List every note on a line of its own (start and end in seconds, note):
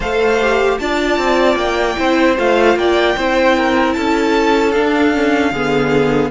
0.00 0.78 A3
0.00 0.40 A4
0.00 0.78 C5
0.00 0.78 F5
0.41 0.80 G4
0.78 1.18 D4
0.78 1.96 F4
0.78 1.99 D5
0.78 1.56 A5
1.18 1.55 C4
1.55 1.95 A#3
1.55 2.35 G5
1.96 2.38 C4
1.96 2.35 E4
1.96 2.78 C5
2.37 2.75 A3
2.37 3.16 F4
2.37 2.78 F5
2.75 3.14 A#3
2.75 3.16 D5
2.75 3.93 G5
3.16 3.96 C4
3.16 4.73 E4
3.16 3.55 C5
3.56 3.95 A#4
3.93 4.76 C#4
3.93 5.51 A4
3.93 4.71 A5
4.71 5.13 D4
4.71 5.51 D4
4.71 6.29 F5
5.13 5.53 C#4
5.51 6.30 D3
5.51 6.31 B3
5.51 6.30 G#4